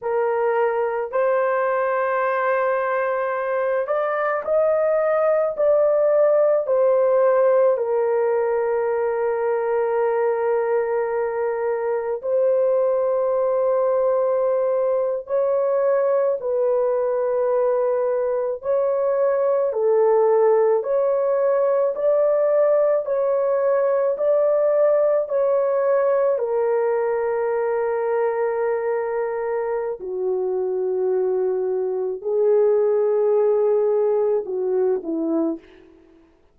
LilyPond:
\new Staff \with { instrumentName = "horn" } { \time 4/4 \tempo 4 = 54 ais'4 c''2~ c''8 d''8 | dis''4 d''4 c''4 ais'4~ | ais'2. c''4~ | c''4.~ c''16 cis''4 b'4~ b'16~ |
b'8. cis''4 a'4 cis''4 d''16~ | d''8. cis''4 d''4 cis''4 ais'16~ | ais'2. fis'4~ | fis'4 gis'2 fis'8 e'8 | }